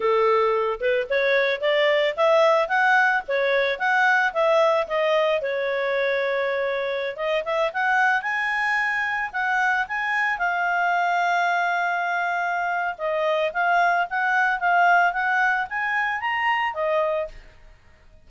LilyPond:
\new Staff \with { instrumentName = "clarinet" } { \time 4/4 \tempo 4 = 111 a'4. b'8 cis''4 d''4 | e''4 fis''4 cis''4 fis''4 | e''4 dis''4 cis''2~ | cis''4~ cis''16 dis''8 e''8 fis''4 gis''8.~ |
gis''4~ gis''16 fis''4 gis''4 f''8.~ | f''1 | dis''4 f''4 fis''4 f''4 | fis''4 gis''4 ais''4 dis''4 | }